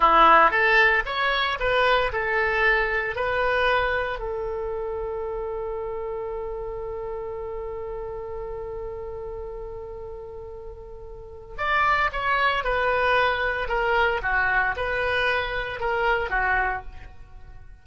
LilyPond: \new Staff \with { instrumentName = "oboe" } { \time 4/4 \tempo 4 = 114 e'4 a'4 cis''4 b'4 | a'2 b'2 | a'1~ | a'1~ |
a'1~ | a'2 d''4 cis''4 | b'2 ais'4 fis'4 | b'2 ais'4 fis'4 | }